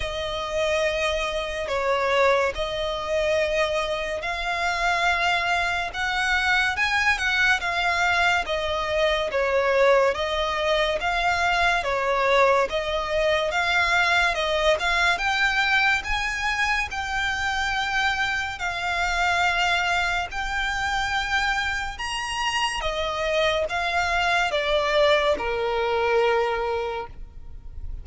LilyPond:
\new Staff \with { instrumentName = "violin" } { \time 4/4 \tempo 4 = 71 dis''2 cis''4 dis''4~ | dis''4 f''2 fis''4 | gis''8 fis''8 f''4 dis''4 cis''4 | dis''4 f''4 cis''4 dis''4 |
f''4 dis''8 f''8 g''4 gis''4 | g''2 f''2 | g''2 ais''4 dis''4 | f''4 d''4 ais'2 | }